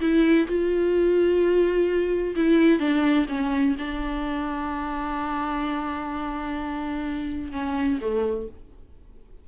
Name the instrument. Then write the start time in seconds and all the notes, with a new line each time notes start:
viola
0.00 E4
0.47 F4
2.36 E4
2.79 D4
3.29 C#4
3.79 D4
7.51 C#4
8.01 A3